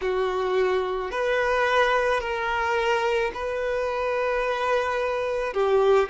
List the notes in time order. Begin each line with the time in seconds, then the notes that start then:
0.01 F#4
1.11 B4
2.20 A#4
3.33 B4
5.53 G4